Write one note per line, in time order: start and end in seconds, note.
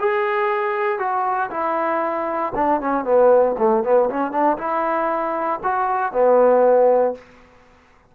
0.00 0.99 G#4
0.99 1.50 F#4
1.51 2.53 E4
2.55 2.81 D4
2.81 3.05 C#4
3.05 3.56 B3
3.58 3.84 A3
3.84 4.10 B3
4.10 4.32 C#4
4.32 4.58 D4
4.58 5.61 E4
5.63 6.13 F#4
6.13 7.15 B3